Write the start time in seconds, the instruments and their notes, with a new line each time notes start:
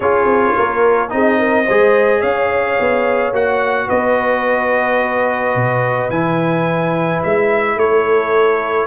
0.00 tuba C#4, trombone F4, horn G#4, trumpet C#5
0.25 tuba C4
0.56 tuba A#3, horn A#4
1.09 tuba C4, trombone D#4, horn G#4, trumpet D#5
1.39 horn A#4
1.65 tuba G#3, trombone G#4, horn C5
2.21 tuba C#4, horn C#5, trumpet F5
2.79 tuba B3
3.32 tuba A#3, trombone F#4, trumpet F#5
3.87 tuba B3, horn B4, trumpet D#5
5.55 tuba B2
6.09 tuba E3, trombone E4, trumpet G#5
7.23 tuba G#3, trumpet E5
7.75 tuba A3, horn A4, trumpet C#5